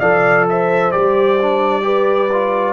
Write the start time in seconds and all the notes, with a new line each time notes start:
0.00 F3 A4 D5 F5
0.49 C5 E5
0.92 G3 G4 D5
1.42 D4
1.82 G4 B4
2.33 F4